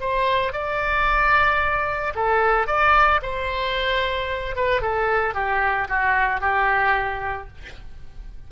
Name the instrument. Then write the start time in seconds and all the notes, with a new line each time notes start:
oboe
0.00 C5
0.52 D5
2.15 A4
2.67 D5
3.22 C5
4.55 B4
4.81 A4
5.34 G4
5.88 F#4
6.40 G4